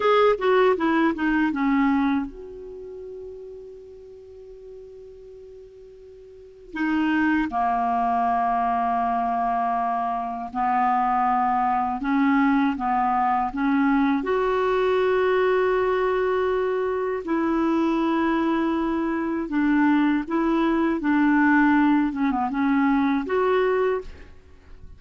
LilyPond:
\new Staff \with { instrumentName = "clarinet" } { \time 4/4 \tempo 4 = 80 gis'8 fis'8 e'8 dis'8 cis'4 fis'4~ | fis'1~ | fis'4 dis'4 ais2~ | ais2 b2 |
cis'4 b4 cis'4 fis'4~ | fis'2. e'4~ | e'2 d'4 e'4 | d'4. cis'16 b16 cis'4 fis'4 | }